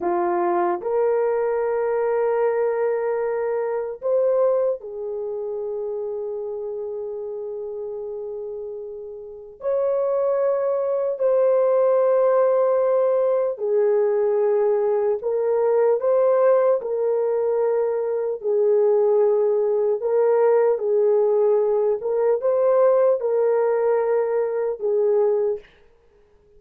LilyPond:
\new Staff \with { instrumentName = "horn" } { \time 4/4 \tempo 4 = 75 f'4 ais'2.~ | ais'4 c''4 gis'2~ | gis'1 | cis''2 c''2~ |
c''4 gis'2 ais'4 | c''4 ais'2 gis'4~ | gis'4 ais'4 gis'4. ais'8 | c''4 ais'2 gis'4 | }